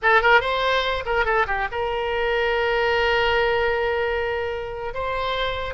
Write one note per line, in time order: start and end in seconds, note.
0.02 0.21 A4
0.21 0.40 A#4
0.40 1.03 C5
1.05 1.25 A#4
1.25 1.46 A4
1.46 1.67 G4
1.71 4.93 A#4
4.93 5.74 C5